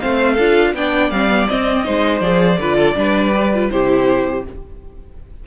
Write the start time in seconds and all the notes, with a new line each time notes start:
0.00 A3 C4 C5 F5
0.33 D4 A4
0.39 F4
0.74 B3 D4 D5 G5
1.11 G3 C4 F5
1.29 B3
1.48 C4 D#5
1.84 G#3 D#4 C5
2.20 F3 G#4 D5
2.58 D3 F4 B4
2.76 A4
2.95 G3 D4 B4
3.33 G4
3.54 F4
3.70 C3 E4 G4 C5